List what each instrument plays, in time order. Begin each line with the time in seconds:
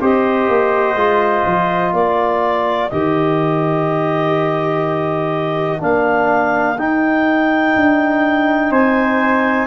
0.00 tuba C4, trombone G4, trumpet C5, clarinet D#5
0.48 tuba A#3
0.95 tuba G#3, trombone F4
1.46 tuba F3
1.92 tuba A#3, trumpet A#4, clarinet D5
2.90 tuba D#3, trombone G4, clarinet D#5
5.79 tuba A#3, trombone D4, clarinet F5
6.78 tuba D#4, trombone D#4, clarinet G5
7.75 tuba D4
8.70 tuba C4, trumpet C5, clarinet G#5